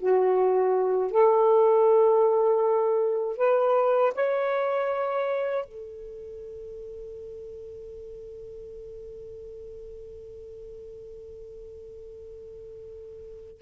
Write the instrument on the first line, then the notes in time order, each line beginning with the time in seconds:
saxophone
0.00 F#4
1.12 A4
3.37 B4
4.15 C#5
5.65 A4